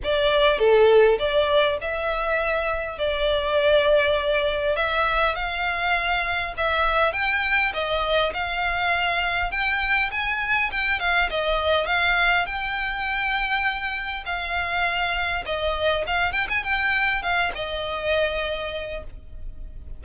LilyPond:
\new Staff \with { instrumentName = "violin" } { \time 4/4 \tempo 4 = 101 d''4 a'4 d''4 e''4~ | e''4 d''2. | e''4 f''2 e''4 | g''4 dis''4 f''2 |
g''4 gis''4 g''8 f''8 dis''4 | f''4 g''2. | f''2 dis''4 f''8 g''16 gis''16 | g''4 f''8 dis''2~ dis''8 | }